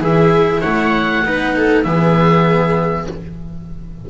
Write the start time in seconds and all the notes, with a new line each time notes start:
0.00 E3 E4 G#4 E5
0.60 A3 C#5 F#5
1.24 B3 D#4 B4
1.55 A4
1.83 E3 B3 G#4 E5